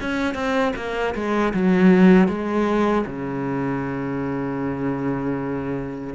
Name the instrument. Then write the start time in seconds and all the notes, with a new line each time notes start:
cello
0.00 C#4
0.34 C4
0.76 A#3
1.14 G#3
1.53 F#3
2.28 G#3
3.06 C#3